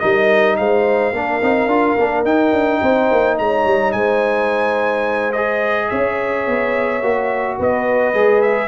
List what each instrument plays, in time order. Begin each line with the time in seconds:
0.00 tuba G3, trombone D#4, horn A#4, trumpet D#5
0.57 tuba G#3, horn C5, trumpet F5
1.13 tuba A#3, trombone D4, horn A#4
1.41 tuba C4, trombone D#4
1.67 tuba D4, trombone F4
1.98 tuba A#3, trombone D4
2.24 tuba D#4, trombone D#4, trumpet G5
2.53 tuba D4
2.82 tuba C4, horn C5
3.12 tuba A#3
3.38 tuba G#3, horn C#5, trumpet A#5
3.66 tuba G3
3.92 tuba G#3, horn C5, trumpet G#5
5.33 trombone G#4, trumpet D#5
5.89 tuba C#4, horn C#5, trumpet E5
6.47 tuba B3
7.03 tuba A#3, trombone F#4
7.58 tuba B3, horn B4, trumpet D#5
8.14 tuba G#3, trombone G#4
8.42 trumpet E5